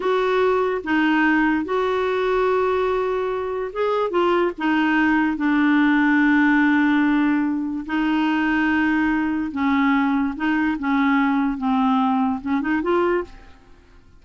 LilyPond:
\new Staff \with { instrumentName = "clarinet" } { \time 4/4 \tempo 4 = 145 fis'2 dis'2 | fis'1~ | fis'4 gis'4 f'4 dis'4~ | dis'4 d'2.~ |
d'2. dis'4~ | dis'2. cis'4~ | cis'4 dis'4 cis'2 | c'2 cis'8 dis'8 f'4 | }